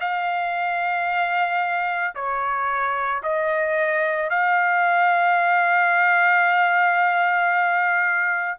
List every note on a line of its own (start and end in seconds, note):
0.00 2.14 F5
2.15 3.22 C#5
3.23 4.30 D#5
4.30 8.58 F5